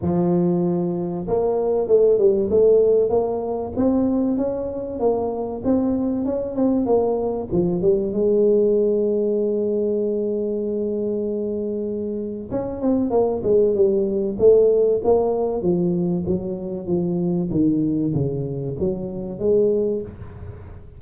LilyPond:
\new Staff \with { instrumentName = "tuba" } { \time 4/4 \tempo 4 = 96 f2 ais4 a8 g8 | a4 ais4 c'4 cis'4 | ais4 c'4 cis'8 c'8 ais4 | f8 g8 gis2.~ |
gis1 | cis'8 c'8 ais8 gis8 g4 a4 | ais4 f4 fis4 f4 | dis4 cis4 fis4 gis4 | }